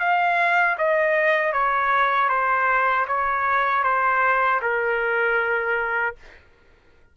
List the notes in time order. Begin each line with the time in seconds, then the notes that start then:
0.00 F5
0.78 D#5
1.53 C#5
2.29 C5
3.08 C#5
3.84 C5
4.62 A#4